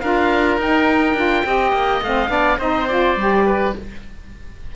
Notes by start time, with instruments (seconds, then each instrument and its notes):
0.00 cello D4, saxophone F4, oboe A#4 F5
0.57 cello D#4, saxophone D#4, oboe G5
1.14 cello D4, saxophone F4
1.44 cello C4, saxophone G4, oboe D#5
1.72 cello A#3
2.02 cello A3, saxophone C4, oboe F5
2.29 cello B3, saxophone D4, oboe D5
2.58 cello C4, saxophone D#4, oboe C5 D#5
2.88 saxophone F4, oboe D5
3.16 cello G3, saxophone G4
3.46 oboe B4